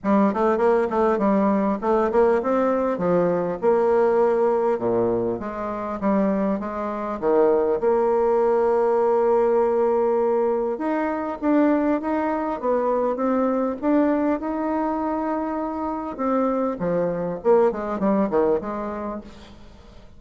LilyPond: \new Staff \with { instrumentName = "bassoon" } { \time 4/4 \tempo 4 = 100 g8 a8 ais8 a8 g4 a8 ais8 | c'4 f4 ais2 | ais,4 gis4 g4 gis4 | dis4 ais2.~ |
ais2 dis'4 d'4 | dis'4 b4 c'4 d'4 | dis'2. c'4 | f4 ais8 gis8 g8 dis8 gis4 | }